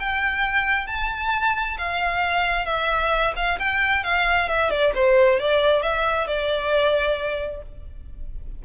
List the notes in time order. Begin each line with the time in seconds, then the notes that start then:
0.00 G5
0.87 A5
1.78 F5
2.66 E5
3.36 F5
3.59 G5
4.04 F5
4.49 E5
4.71 D5
4.95 C5
5.40 D5
5.83 E5
6.28 D5